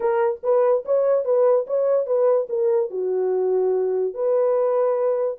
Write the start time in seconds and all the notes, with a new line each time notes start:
0.00 A#4
0.43 B4
0.85 C#5
1.24 B4
1.66 C#5
2.06 B4
2.49 A#4
2.90 F#4
4.14 B4